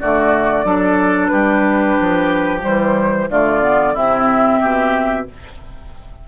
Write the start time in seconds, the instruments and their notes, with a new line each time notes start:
0.00 bassoon D3, clarinet A3, oboe F#4, flute D5
0.64 bassoon F#3, clarinet D4, oboe A4
1.28 bassoon G3, oboe G4, flute B4
2.00 bassoon F3
2.60 bassoon E3, clarinet G3, flute C5
3.30 bassoon D3, clarinet A3, oboe F4, flute D5
3.62 clarinet B3
3.94 bassoon C3, clarinet C4, oboe E4, flute E5
4.61 bassoon B2, oboe G4